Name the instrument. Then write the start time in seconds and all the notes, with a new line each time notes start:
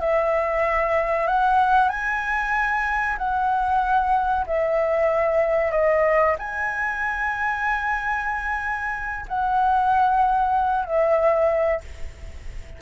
flute
0.00 E5
1.27 F#5
1.89 G#5
3.18 F#5
4.46 E5
5.71 D#5
6.39 G#5
9.28 F#5
10.85 E5